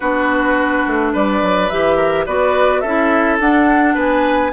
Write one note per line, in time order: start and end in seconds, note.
0.00 0.86 B3
0.00 1.71 D4
0.00 1.12 F#4
0.00 1.12 B4
0.87 1.14 A3
1.12 1.42 G3
1.12 1.96 B4
1.12 1.69 D5
1.42 1.70 F#3
1.69 2.26 E3
1.69 2.27 G4
1.69 2.25 E5
1.96 2.24 A#4
2.26 2.83 B3
2.26 2.83 F#4
2.26 2.81 B4
2.26 2.80 D5
2.80 3.39 C#4
2.80 3.94 A4
2.80 3.37 E5
2.86 3.40 E4
3.39 3.95 D4
3.39 4.53 D4
3.39 3.96 F#5
3.94 4.52 B3
3.94 4.51 B4
3.94 4.53 G#5